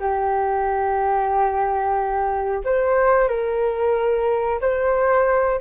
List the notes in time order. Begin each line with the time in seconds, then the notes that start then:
0.00 G4
2.65 C5
3.28 A#4
4.62 C5